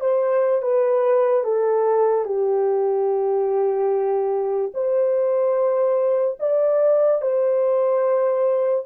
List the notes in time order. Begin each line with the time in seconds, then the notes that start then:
0.00 C5
0.62 B4
1.43 A4
2.25 G4
4.73 C5
6.39 D5
7.21 C5